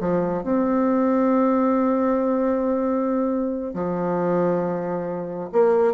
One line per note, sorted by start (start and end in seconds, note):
0.00 0.43 F3
0.43 3.74 C4
3.74 5.50 F3
5.52 5.93 A#3